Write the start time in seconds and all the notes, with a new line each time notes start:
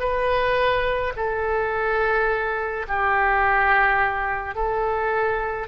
0.00 B4
1.16 A4
2.88 G4
4.55 A4